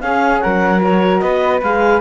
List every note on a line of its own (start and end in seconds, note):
0.00 0.80 C#4
0.00 0.42 C#4
0.00 0.43 G#4
0.00 0.40 F5
0.40 1.21 F#3
0.40 1.23 A#4
0.40 0.80 F#5
0.82 1.62 F#4
0.82 1.19 C#5
1.19 1.61 B3
1.19 2.00 B4
1.19 1.59 D#5
1.62 2.00 G#3
1.62 2.00 G#4
1.62 2.00 F5